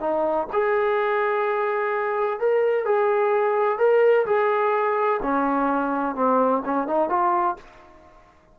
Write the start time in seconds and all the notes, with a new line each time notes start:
0.00 D#4
0.53 G#4
2.39 A#4
2.85 G#4
3.78 A#4
4.26 G#4
5.22 C#4
6.15 C4
6.65 C#4
6.87 D#4
7.09 F4